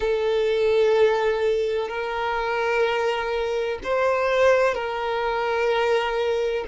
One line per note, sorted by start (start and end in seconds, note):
0.00 1.88 A4
1.88 3.78 A#4
3.84 4.74 C5
4.74 6.64 A#4